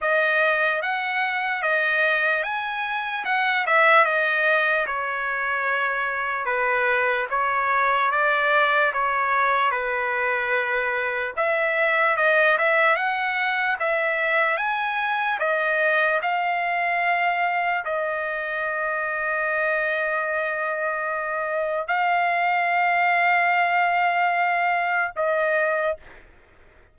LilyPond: \new Staff \with { instrumentName = "trumpet" } { \time 4/4 \tempo 4 = 74 dis''4 fis''4 dis''4 gis''4 | fis''8 e''8 dis''4 cis''2 | b'4 cis''4 d''4 cis''4 | b'2 e''4 dis''8 e''8 |
fis''4 e''4 gis''4 dis''4 | f''2 dis''2~ | dis''2. f''4~ | f''2. dis''4 | }